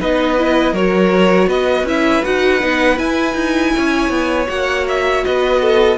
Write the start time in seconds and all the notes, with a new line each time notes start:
0.00 B3 D#4 B4 D#5
0.38 E4
0.73 F#3 F#4 A#4 C#5
1.47 B3 B4 D#5
1.84 C#4 E4 E5
2.24 D#4 F#4 F#5
2.61 B3 D#4
2.96 E4 G#5
3.35 D#4
3.76 C#4 C#5
4.10 B3
4.48 A#3 F#4 F#5
4.89 E5
5.25 B3 B4 D#5
5.62 A4